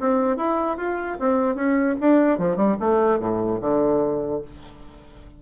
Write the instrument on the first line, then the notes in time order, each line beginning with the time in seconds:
bassoon
0.00 C4
0.37 E4
0.77 F4
1.20 C4
1.55 C#4
2.00 D4
2.38 F3
2.56 G3
2.80 A3
3.20 A2
3.61 D3